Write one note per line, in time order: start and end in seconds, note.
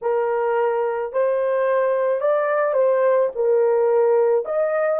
0.02 1.13 A#4
1.13 2.20 C5
2.20 2.73 D5
2.73 3.29 C5
3.35 4.44 A#4
4.44 4.99 D#5